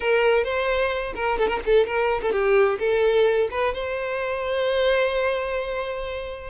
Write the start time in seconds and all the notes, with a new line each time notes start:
0.00 A#4
0.44 C5
1.15 A#4
1.38 A4
1.48 A#4
1.65 A4
1.86 A#4
2.22 A4
2.32 G4
2.79 A4
3.51 B4
3.74 C5